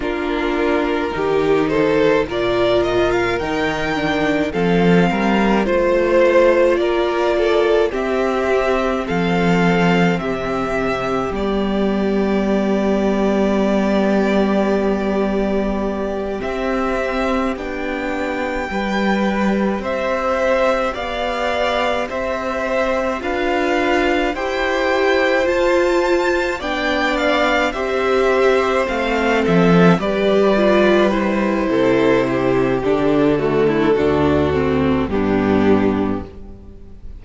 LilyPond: <<
  \new Staff \with { instrumentName = "violin" } { \time 4/4 \tempo 4 = 53 ais'4. c''8 d''8 dis''16 f''16 g''4 | f''4 c''4 d''4 e''4 | f''4 e''4 d''2~ | d''2~ d''8 e''4 g''8~ |
g''4. e''4 f''4 e''8~ | e''8 f''4 g''4 a''4 g''8 | f''8 e''4 f''8 e''8 d''4 c''8~ | c''4 a'2 g'4 | }
  \new Staff \with { instrumentName = "violin" } { \time 4/4 f'4 g'8 a'8 ais'2 | a'8 ais'8 c''4 ais'8 a'8 g'4 | a'4 g'2.~ | g'1~ |
g'8 b'4 c''4 d''4 c''8~ | c''8 b'4 c''2 d''8~ | d''8 c''4. a'8 b'4. | a'8 g'4 fis'16 e'16 fis'4 d'4 | }
  \new Staff \with { instrumentName = "viola" } { \time 4/4 d'4 dis'4 f'4 dis'8 d'8 | c'4 f'2 c'4~ | c'2 b2~ | b2~ b8 c'4 d'8~ |
d'8 g'2.~ g'8~ | g'8 f'4 g'4 f'4 d'8~ | d'8 g'4 c'4 g'8 f'8 e'8~ | e'4 d'8 a8 d'8 c'8 b4 | }
  \new Staff \with { instrumentName = "cello" } { \time 4/4 ais4 dis4 ais,4 dis4 | f8 g8 a4 ais4 c'4 | f4 c4 g2~ | g2~ g8 c'4 b8~ |
b8 g4 c'4 b4 c'8~ | c'8 d'4 e'4 f'4 b8~ | b8 c'4 a8 f8 g4. | c4 d4 d,4 g,4 | }
>>